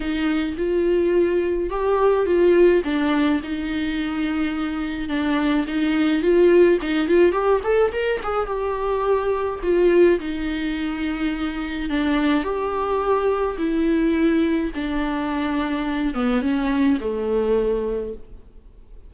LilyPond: \new Staff \with { instrumentName = "viola" } { \time 4/4 \tempo 4 = 106 dis'4 f'2 g'4 | f'4 d'4 dis'2~ | dis'4 d'4 dis'4 f'4 | dis'8 f'8 g'8 a'8 ais'8 gis'8 g'4~ |
g'4 f'4 dis'2~ | dis'4 d'4 g'2 | e'2 d'2~ | d'8 b8 cis'4 a2 | }